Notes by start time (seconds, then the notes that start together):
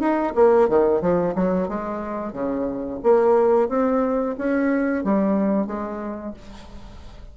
0.00 D#4
0.36 A#3
0.69 D#3
1.02 F3
1.35 F#3
1.69 G#3
2.33 C#3
3.03 A#3
3.69 C4
4.38 C#4
5.05 G3
5.67 G#3